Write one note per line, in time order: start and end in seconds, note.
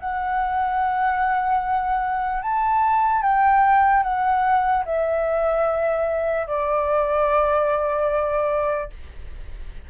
0.00 2.43 F#5
2.43 3.22 A5
3.22 4.04 G5
4.04 4.85 F#5
4.86 6.47 E5
6.47 8.90 D5